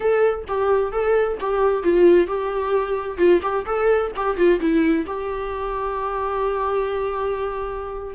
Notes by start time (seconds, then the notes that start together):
0.00 A4
0.47 G4
0.92 A4
1.39 G4
1.83 F4
2.27 G4
3.17 F4
3.42 G4
3.65 A4
4.16 G4
4.36 F4
4.59 E4
5.06 G4